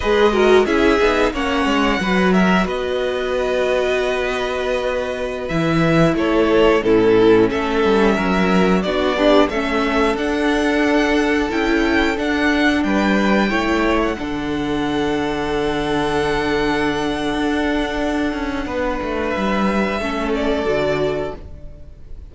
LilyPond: <<
  \new Staff \with { instrumentName = "violin" } { \time 4/4 \tempo 4 = 90 dis''4 e''4 fis''4. e''8 | dis''1~ | dis''16 e''4 cis''4 a'4 e''8.~ | e''4~ e''16 d''4 e''4 fis''8.~ |
fis''4~ fis''16 g''4 fis''4 g''8.~ | g''4 fis''2.~ | fis''1~ | fis''4 e''4. d''4. | }
  \new Staff \with { instrumentName = "violin" } { \time 4/4 b'8 ais'8 gis'4 cis''4 b'8 ais'8 | b'1~ | b'4~ b'16 a'4 e'4 a'8.~ | a'16 ais'4 fis'8 d'8 a'4.~ a'16~ |
a'2.~ a'16 b'8.~ | b'16 cis''4 a'2~ a'8.~ | a'1 | b'2 a'2 | }
  \new Staff \with { instrumentName = "viola" } { \time 4/4 gis'8 fis'8 e'8 dis'8 cis'4 fis'4~ | fis'1~ | fis'16 e'2 cis'4.~ cis'16~ | cis'4~ cis'16 d'8 g'8 cis'4 d'8.~ |
d'4~ d'16 e'4 d'4.~ d'16~ | d'16 e'4 d'2~ d'8.~ | d'1~ | d'2 cis'4 fis'4 | }
  \new Staff \with { instrumentName = "cello" } { \time 4/4 gis4 cis'8 b8 ais8 gis8 fis4 | b1~ | b16 e4 a4 a,4 a8 g16~ | g16 fis4 b4 a4 d'8.~ |
d'4~ d'16 cis'4 d'4 g8.~ | g16 a4 d2~ d8.~ | d2 d'4. cis'8 | b8 a8 g4 a4 d4 | }
>>